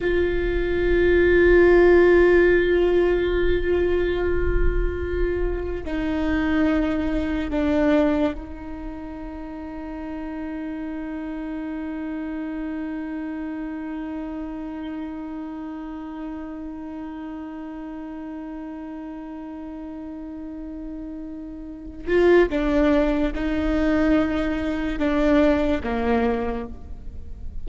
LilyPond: \new Staff \with { instrumentName = "viola" } { \time 4/4 \tempo 4 = 72 f'1~ | f'2. dis'4~ | dis'4 d'4 dis'2~ | dis'1~ |
dis'1~ | dis'1~ | dis'2~ dis'8 f'8 d'4 | dis'2 d'4 ais4 | }